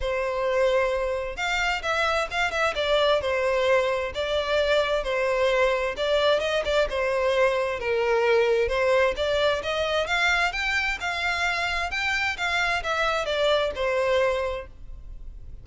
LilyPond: \new Staff \with { instrumentName = "violin" } { \time 4/4 \tempo 4 = 131 c''2. f''4 | e''4 f''8 e''8 d''4 c''4~ | c''4 d''2 c''4~ | c''4 d''4 dis''8 d''8 c''4~ |
c''4 ais'2 c''4 | d''4 dis''4 f''4 g''4 | f''2 g''4 f''4 | e''4 d''4 c''2 | }